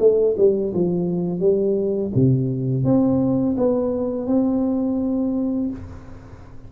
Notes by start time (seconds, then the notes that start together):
0.00 A3
0.38 G3
0.74 F3
1.40 G3
2.15 C3
2.85 C4
3.58 B3
4.27 C4